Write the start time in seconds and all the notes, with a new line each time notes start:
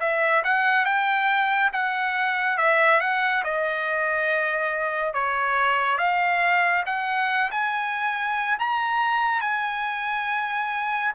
0.00 E5
0.44 F#5
0.85 G5
1.73 F#5
2.58 E5
3.00 F#5
3.44 D#5
5.14 C#5
5.98 F5
6.86 F#5
7.51 G#5
8.59 A#5
9.41 G#5